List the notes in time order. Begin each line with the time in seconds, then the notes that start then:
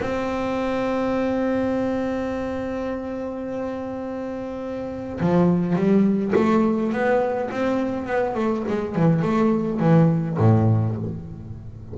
0.00 C4
5.20 F3
5.75 G3
6.35 A3
6.92 B3
7.51 C4
8.06 B3
8.34 A3
8.67 G#3
8.95 E3
9.22 A3
9.79 E3
10.37 A2